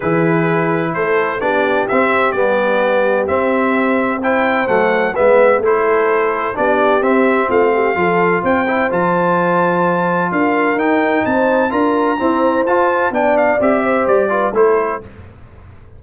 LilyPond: <<
  \new Staff \with { instrumentName = "trumpet" } { \time 4/4 \tempo 4 = 128 b'2 c''4 d''4 | e''4 d''2 e''4~ | e''4 g''4 fis''4 e''4 | c''2 d''4 e''4 |
f''2 g''4 a''4~ | a''2 f''4 g''4 | a''4 ais''2 a''4 | g''8 f''8 e''4 d''4 c''4 | }
  \new Staff \with { instrumentName = "horn" } { \time 4/4 gis'2 a'4 g'4~ | g'1~ | g'4 c''2 b'4 | a'2 g'2 |
f'8 g'8 a'4 c''2~ | c''2 ais'2 | c''4 ais'4 c''2 | d''4. c''4 b'8 a'4 | }
  \new Staff \with { instrumentName = "trombone" } { \time 4/4 e'2. d'4 | c'4 b2 c'4~ | c'4 e'4 a4 b4 | e'2 d'4 c'4~ |
c'4 f'4. e'8 f'4~ | f'2. dis'4~ | dis'4 f'4 c'4 f'4 | d'4 g'4. f'8 e'4 | }
  \new Staff \with { instrumentName = "tuba" } { \time 4/4 e2 a4 b4 | c'4 g2 c'4~ | c'2 fis4 gis4 | a2 b4 c'4 |
a4 f4 c'4 f4~ | f2 d'4 dis'4 | c'4 d'4 e'4 f'4 | b4 c'4 g4 a4 | }
>>